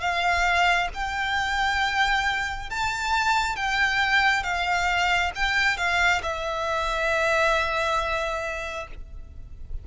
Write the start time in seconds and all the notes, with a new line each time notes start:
0.00 F5
0.93 G5
2.70 A5
3.56 G5
4.43 F5
5.35 G5
5.77 F5
6.22 E5